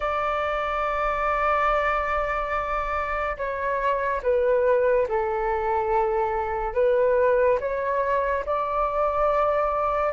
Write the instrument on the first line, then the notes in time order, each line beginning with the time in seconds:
flute
0.00 D5
3.36 C#5
4.23 B4
5.08 A4
6.74 B4
7.59 C#5
8.45 D5